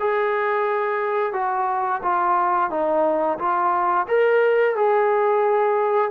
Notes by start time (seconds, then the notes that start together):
0.00 G#4
1.34 F#4
2.03 F4
2.71 D#4
3.39 F4
4.08 A#4
4.76 G#4